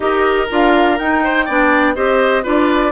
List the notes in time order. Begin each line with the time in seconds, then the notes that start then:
0.00 D#4 G4 A#4 D#5
0.49 D4 F4 F5
0.98 D#4 G5
1.23 C5
1.45 B3 D4 D5
1.95 C4 G4 C5 D#5
2.43 D4 F4 B4 D5